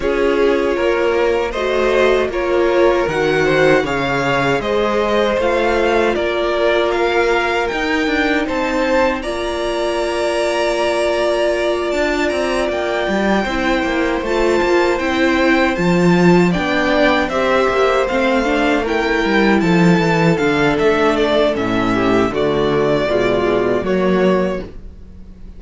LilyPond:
<<
  \new Staff \with { instrumentName = "violin" } { \time 4/4 \tempo 4 = 78 cis''2 dis''4 cis''4 | fis''4 f''4 dis''4 f''4 | d''4 f''4 g''4 a''4 | ais''2.~ ais''8 a''8 |
ais''8 g''2 a''4 g''8~ | g''8 a''4 g''4 e''4 f''8~ | f''8 g''4 a''4 f''8 e''8 d''8 | e''4 d''2 cis''4 | }
  \new Staff \with { instrumentName = "violin" } { \time 4/4 gis'4 ais'4 c''4 ais'4~ | ais'8 c''8 cis''4 c''2 | ais'2. c''4 | d''1~ |
d''4. c''2~ c''8~ | c''4. d''4 c''4.~ | c''8 ais'4 a'2~ a'8~ | a'8 g'8 fis'4 f'4 fis'4 | }
  \new Staff \with { instrumentName = "viola" } { \time 4/4 f'2 fis'4 f'4 | fis'4 gis'2 f'4~ | f'2 dis'2 | f'1~ |
f'4. e'4 f'4 e'8~ | e'8 f'4 d'4 g'4 c'8 | d'8 e'2 d'4. | cis'4 a4 gis4 ais4 | }
  \new Staff \with { instrumentName = "cello" } { \time 4/4 cis'4 ais4 a4 ais4 | dis4 cis4 gis4 a4 | ais2 dis'8 d'8 c'4 | ais2.~ ais8 d'8 |
c'8 ais8 g8 c'8 ais8 a8 ais8 c'8~ | c'8 f4 b4 c'8 ais8 a8~ | a4 g8 f8 e8 d8 a4 | a,4 d4 b,4 fis4 | }
>>